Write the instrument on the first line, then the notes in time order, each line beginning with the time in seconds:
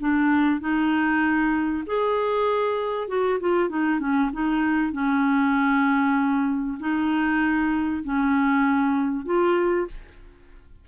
clarinet
0.00 D4
0.60 D#4
1.86 G#4
3.08 F#4
3.40 F4
3.69 D#4
4.00 C#4
4.33 D#4
4.93 C#4
6.80 D#4
8.04 C#4
9.25 F4